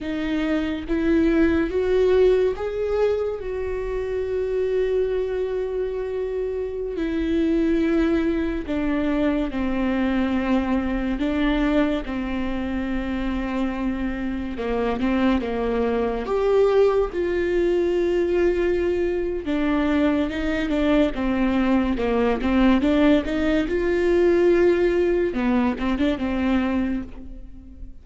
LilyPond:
\new Staff \with { instrumentName = "viola" } { \time 4/4 \tempo 4 = 71 dis'4 e'4 fis'4 gis'4 | fis'1~ | fis'16 e'2 d'4 c'8.~ | c'4~ c'16 d'4 c'4.~ c'16~ |
c'4~ c'16 ais8 c'8 ais4 g'8.~ | g'16 f'2~ f'8. d'4 | dis'8 d'8 c'4 ais8 c'8 d'8 dis'8 | f'2 b8 c'16 d'16 c'4 | }